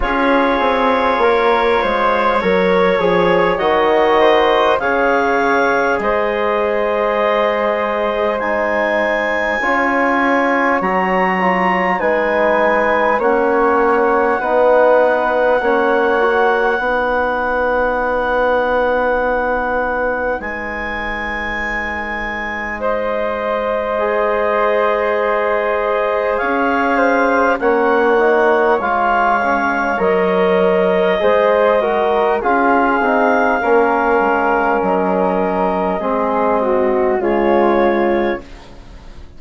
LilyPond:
<<
  \new Staff \with { instrumentName = "clarinet" } { \time 4/4 \tempo 4 = 50 cis''2. dis''4 | f''4 dis''2 gis''4~ | gis''4 ais''4 gis''4 fis''4~ | fis''1~ |
fis''4 gis''2 dis''4~ | dis''2 f''4 fis''4 | f''4 dis''2 f''4~ | f''4 dis''2 cis''4 | }
  \new Staff \with { instrumentName = "flute" } { \time 4/4 gis'4 ais'8 c''8 cis''4. c''8 | cis''4 c''2. | cis''2 b'4 cis''4 | b'4 cis''4 b'2~ |
b'2. c''4~ | c''2 cis''8 c''8 cis''4~ | cis''2 c''8 ais'8 gis'4 | ais'2 gis'8 fis'8 f'4 | }
  \new Staff \with { instrumentName = "trombone" } { \time 4/4 f'2 ais'8 gis'8 fis'4 | gis'2. dis'4 | f'4 fis'8 f'8 dis'4 cis'4 | dis'4 cis'8 fis'8 dis'2~ |
dis'1 | gis'2. cis'8 dis'8 | f'8 cis'8 ais'4 gis'8 fis'8 f'8 dis'8 | cis'2 c'4 gis4 | }
  \new Staff \with { instrumentName = "bassoon" } { \time 4/4 cis'8 c'8 ais8 gis8 fis8 f8 dis4 | cis4 gis2. | cis'4 fis4 gis4 ais4 | b4 ais4 b2~ |
b4 gis2.~ | gis2 cis'4 ais4 | gis4 fis4 gis4 cis'8 c'8 | ais8 gis8 fis4 gis4 cis4 | }
>>